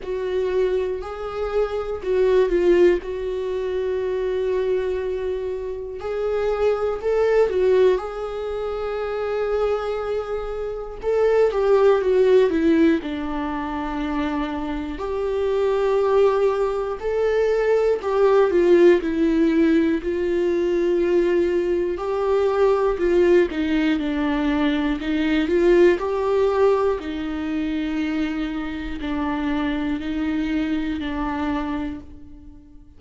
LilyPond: \new Staff \with { instrumentName = "viola" } { \time 4/4 \tempo 4 = 60 fis'4 gis'4 fis'8 f'8 fis'4~ | fis'2 gis'4 a'8 fis'8 | gis'2. a'8 g'8 | fis'8 e'8 d'2 g'4~ |
g'4 a'4 g'8 f'8 e'4 | f'2 g'4 f'8 dis'8 | d'4 dis'8 f'8 g'4 dis'4~ | dis'4 d'4 dis'4 d'4 | }